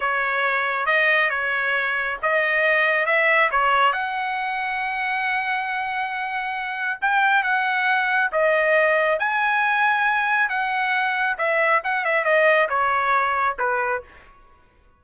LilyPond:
\new Staff \with { instrumentName = "trumpet" } { \time 4/4 \tempo 4 = 137 cis''2 dis''4 cis''4~ | cis''4 dis''2 e''4 | cis''4 fis''2.~ | fis''1 |
g''4 fis''2 dis''4~ | dis''4 gis''2. | fis''2 e''4 fis''8 e''8 | dis''4 cis''2 b'4 | }